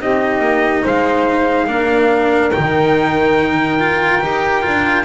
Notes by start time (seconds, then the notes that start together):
0.00 C4 D#4 G4 D#5
0.40 A#3
0.83 G#3 C5 F5
1.67 A#3 D4 A#4
2.52 D#4 G5
2.58 D#3
3.80 F4
4.22 D#4 G4
4.63 D4 F4